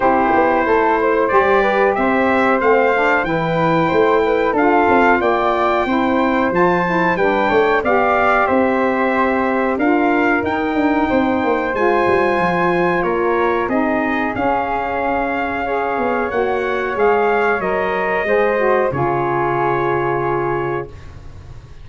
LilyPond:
<<
  \new Staff \with { instrumentName = "trumpet" } { \time 4/4 \tempo 4 = 92 c''2 d''4 e''4 | f''4 g''2 f''4 | g''2 a''4 g''4 | f''4 e''2 f''4 |
g''2 gis''2 | cis''4 dis''4 f''2~ | f''4 fis''4 f''4 dis''4~ | dis''4 cis''2. | }
  \new Staff \with { instrumentName = "flute" } { \time 4/4 g'4 a'8 c''4 b'8 c''4~ | c''4 b'4 c''8 b'8 a'4 | d''4 c''2 b'8 cis''8 | d''4 c''2 ais'4~ |
ais'4 c''2. | ais'4 gis'2. | cis''1 | c''4 gis'2. | }
  \new Staff \with { instrumentName = "saxophone" } { \time 4/4 e'2 g'2 | c'8 d'8 e'2 f'4~ | f'4 e'4 f'8 e'8 d'4 | g'2. f'4 |
dis'2 f'2~ | f'4 dis'4 cis'2 | gis'4 fis'4 gis'4 ais'4 | gis'8 fis'8 f'2. | }
  \new Staff \with { instrumentName = "tuba" } { \time 4/4 c'8 b8 a4 g4 c'4 | a4 e4 a4 d'8 c'8 | ais4 c'4 f4 g8 a8 | b4 c'2 d'4 |
dis'8 d'8 c'8 ais8 gis8 g8 f4 | ais4 c'4 cis'2~ | cis'8 b8 ais4 gis4 fis4 | gis4 cis2. | }
>>